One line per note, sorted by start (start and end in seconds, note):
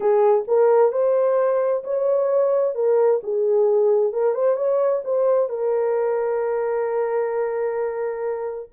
0.00 0.44 G#4
0.47 0.91 A#4
0.91 1.83 C5
1.84 2.75 C#5
2.75 3.20 A#4
3.23 4.12 G#4
4.12 4.34 A#4
4.34 4.56 C5
4.56 5.02 C#5
5.04 5.49 C5
5.49 8.69 A#4